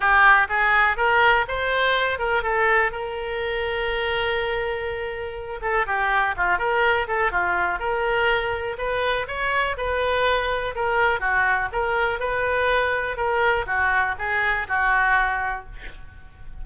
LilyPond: \new Staff \with { instrumentName = "oboe" } { \time 4/4 \tempo 4 = 123 g'4 gis'4 ais'4 c''4~ | c''8 ais'8 a'4 ais'2~ | ais'2.~ ais'8 a'8 | g'4 f'8 ais'4 a'8 f'4 |
ais'2 b'4 cis''4 | b'2 ais'4 fis'4 | ais'4 b'2 ais'4 | fis'4 gis'4 fis'2 | }